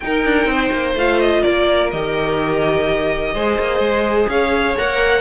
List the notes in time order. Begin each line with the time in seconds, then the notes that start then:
0.00 D#4 A#4 G5
0.25 D4
0.45 C4 C5
0.72 A#3
0.95 A3 F4 F5
1.19 D#5
1.41 A#3 A#4 D5
1.91 D#3 G4 D#5
3.34 G#3 G#4 C5
3.59 A#3
3.79 G#3
4.27 C#4 C#5 F5
4.77 A#3 A#4 F#5